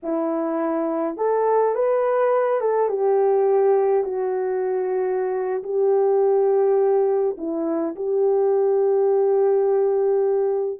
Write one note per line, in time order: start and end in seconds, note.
0.02 1.17 E4
1.17 1.74 A4
1.74 2.60 B4
2.60 2.88 A4
2.88 4.04 G4
4.04 5.62 F#4
5.63 7.36 G4
7.37 7.95 E4
7.95 10.80 G4